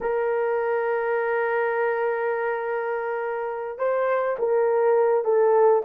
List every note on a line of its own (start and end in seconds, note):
0.01 3.78 A#4
3.78 4.36 C5
4.38 5.24 A#4
5.24 5.82 A4